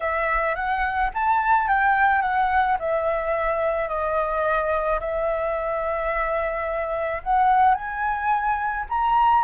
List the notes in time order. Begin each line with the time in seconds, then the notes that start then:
0.00 E5
0.55 F#5
1.14 A5
1.68 G5
2.21 F#5
2.79 E5
3.88 D#5
5.00 E5
7.23 F#5
7.74 G#5
8.89 A#5